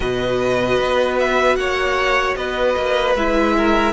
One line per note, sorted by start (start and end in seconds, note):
0.00 0.79 B2
0.00 3.14 F#4
0.00 1.57 B4
0.00 1.18 D#5
0.79 1.56 B3
1.19 1.55 E5
1.55 2.35 A#3
1.55 2.37 C#5
1.55 2.34 F#5
2.36 2.75 B3
2.36 3.55 B4
2.36 3.15 D#5
2.76 3.15 A#3
3.15 3.92 G#3
3.15 3.92 E4
3.15 3.92 E5
3.56 3.92 A#4